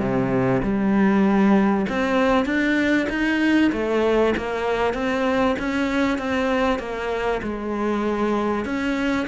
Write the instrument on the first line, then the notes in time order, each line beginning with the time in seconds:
cello
0.00 C3
0.63 G3
1.89 C4
2.45 D4
3.10 D#4
3.73 A3
4.37 A#3
4.94 C4
5.59 C#4
6.19 C4
6.79 A#3
7.43 G#3
8.65 C#4